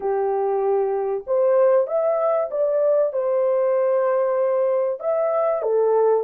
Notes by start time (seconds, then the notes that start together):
0.00 G4
1.26 C5
1.87 E5
2.50 D5
3.12 C5
5.00 E5
5.62 A4